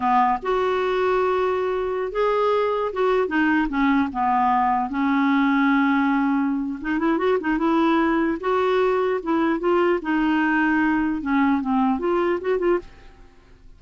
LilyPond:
\new Staff \with { instrumentName = "clarinet" } { \time 4/4 \tempo 4 = 150 b4 fis'2.~ | fis'4~ fis'16 gis'2 fis'8.~ | fis'16 dis'4 cis'4 b4.~ b16~ | b16 cis'2.~ cis'8.~ |
cis'4 dis'8 e'8 fis'8 dis'8 e'4~ | e'4 fis'2 e'4 | f'4 dis'2. | cis'4 c'4 f'4 fis'8 f'8 | }